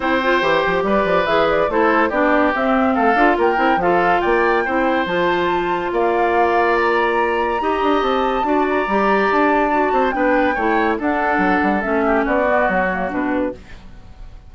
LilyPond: <<
  \new Staff \with { instrumentName = "flute" } { \time 4/4 \tempo 4 = 142 g''2 d''4 e''8 d''8 | c''4 d''4 e''4 f''4 | g''4 f''4 g''2 | a''2 f''2 |
ais''2. a''4~ | a''8 ais''4. a''2 | g''2 fis''2 | e''4 d''4 cis''4 b'4 | }
  \new Staff \with { instrumentName = "oboe" } { \time 4/4 c''2 b'2 | a'4 g'2 a'4 | ais'4 a'4 d''4 c''4~ | c''2 d''2~ |
d''2 dis''2 | d''2.~ d''8 c''8 | b'4 cis''4 a'2~ | a'8 g'8 fis'2. | }
  \new Staff \with { instrumentName = "clarinet" } { \time 4/4 e'8 f'8 g'2 gis'4 | e'4 d'4 c'4. f'8~ | f'8 e'8 f'2 e'4 | f'1~ |
f'2 g'2 | fis'4 g'2 fis'4 | d'4 e'4 d'2 | cis'4. b4 ais8 d'4 | }
  \new Staff \with { instrumentName = "bassoon" } { \time 4/4 c'4 e8 f8 g8 f8 e4 | a4 b4 c'4 a8 d'8 | ais8 c'8 f4 ais4 c'4 | f2 ais2~ |
ais2 dis'8 d'8 c'4 | d'4 g4 d'4. c'8 | b4 a4 d'4 fis8 g8 | a4 b4 fis4 b,4 | }
>>